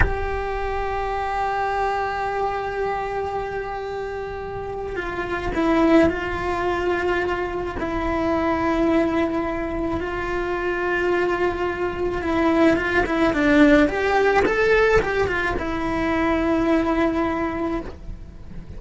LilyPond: \new Staff \with { instrumentName = "cello" } { \time 4/4 \tempo 4 = 108 g'1~ | g'1~ | g'4 f'4 e'4 f'4~ | f'2 e'2~ |
e'2 f'2~ | f'2 e'4 f'8 e'8 | d'4 g'4 a'4 g'8 f'8 | e'1 | }